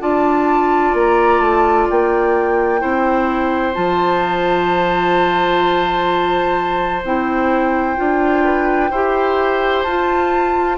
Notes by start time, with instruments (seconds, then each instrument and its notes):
0.00 bassoon D4, clarinet F4, oboe D5, flute A5
0.94 bassoon A#3, flute A#5
1.40 bassoon A3, flute A5
1.90 bassoon A#3, flute G5
2.79 bassoon C4, clarinet E4, oboe C5
3.74 bassoon F3, clarinet F4, flute A5
7.04 bassoon C4, clarinet E4, flute G5
7.97 bassoon D4, clarinet F4
8.44 oboe B4
8.91 bassoon E4, clarinet G4, oboe C5
9.83 bassoon F4, clarinet F4, flute A5